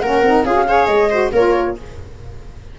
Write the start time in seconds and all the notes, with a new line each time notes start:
0.00 A#3 C#4 A#4 F#5
0.22 C4 D#4
0.44 C#4 F4 G#4 F5
0.54 F#4
0.67 G#4 C#5
0.86 G#3 D#5
1.10 F#4 C5
1.32 A#3 F4 A#4 C#5